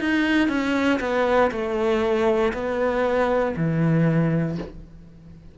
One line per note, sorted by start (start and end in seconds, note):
0.00 0.49 D#4
0.49 1.00 C#4
1.00 1.51 B3
1.52 2.53 A3
2.54 3.55 B3
3.57 4.59 E3